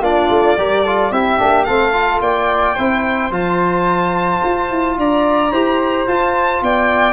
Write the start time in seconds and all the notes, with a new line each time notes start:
0.00 A#3 D4 F4 D5
0.29 A3
0.57 G3 G4 A#4
0.82 F4 A4
1.11 C4 E4 G4 E5
1.38 A#3 D4
1.64 A3 C4 A4 F5
1.92 F4
2.20 A#3 D5 G5
2.74 C4 E4 C5
3.30 F3 F4 A5
4.44 F4
4.70 E4
4.97 D4 D5 A#5
5.51 E4 G4 C5
6.07 F4 A5
6.62 B3 D5 G5